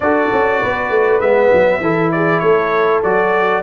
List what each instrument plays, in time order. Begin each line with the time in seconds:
0.00 tuba D4, trombone F#4, horn A4, trumpet D5
0.32 tuba C#4
0.61 tuba B3, horn B4
0.90 tuba A3
1.20 tuba G#3, trombone B3, trumpet E5
1.52 tuba F#3
1.80 tuba E3, trombone E4, horn A4
2.11 horn G#4, trumpet D5
2.39 tuba A3, horn A4, trumpet C#5
3.03 tuba F#3, trombone F#4, trumpet D5